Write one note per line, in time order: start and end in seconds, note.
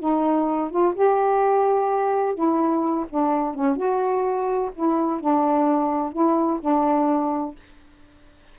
0.00 0.71 D#4
0.71 0.94 F4
0.95 2.35 G4
2.35 3.06 E4
3.10 3.55 D4
3.55 3.77 C#4
3.77 4.71 F#4
4.76 5.21 E4
5.21 6.13 D4
6.13 6.60 E4
6.61 7.55 D4